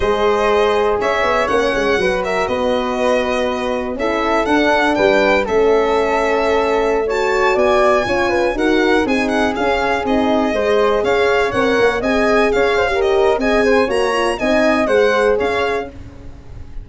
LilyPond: <<
  \new Staff \with { instrumentName = "violin" } { \time 4/4 \tempo 4 = 121 dis''2 e''4 fis''4~ | fis''8 e''8 dis''2. | e''4 fis''4 g''4 e''4~ | e''2~ e''16 a''4 gis''8.~ |
gis''4~ gis''16 fis''4 gis''8 fis''8 f''8.~ | f''16 dis''2 f''4 fis''8.~ | fis''16 gis''4 f''4 dis''8. gis''4 | ais''4 gis''4 fis''4 f''4 | }
  \new Staff \with { instrumentName = "flute" } { \time 4/4 c''2 cis''2 | b'8 ais'8 b'2. | a'2 b'4 a'4~ | a'2~ a'16 cis''4 d''8.~ |
d''16 cis''8 b'8 ais'4 gis'4.~ gis'16~ | gis'4~ gis'16 c''4 cis''4.~ cis''16~ | cis''16 dis''4 cis''8 c''16 ais'4 dis''8 c''8 | cis''4 dis''4 c''4 cis''4 | }
  \new Staff \with { instrumentName = "horn" } { \time 4/4 gis'2. cis'4 | fis'1 | e'4 d'2 cis'4~ | cis'2~ cis'16 fis'4.~ fis'16~ |
fis'16 f'4 fis'4 dis'4 cis'8.~ | cis'16 dis'4 gis'2 ais'8.~ | ais'16 gis'4.~ gis'16 g'4 gis'4 | fis'8 f'8 dis'4 gis'2 | }
  \new Staff \with { instrumentName = "tuba" } { \time 4/4 gis2 cis'8 b8 ais8 gis8 | fis4 b2. | cis'4 d'4 g4 a4~ | a2.~ a16 b8.~ |
b16 cis'4 dis'4 c'4 cis'8.~ | cis'16 c'4 gis4 cis'4 c'8 ais16~ | ais16 c'4 cis'4.~ cis'16 c'4 | ais4 c'4 gis4 cis'4 | }
>>